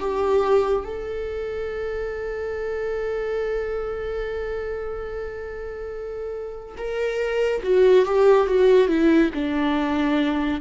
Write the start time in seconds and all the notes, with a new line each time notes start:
0.00 G4
0.85 A4
6.78 A#4
7.64 F#4
8.06 G4
8.47 F#4
8.89 E4
9.35 D4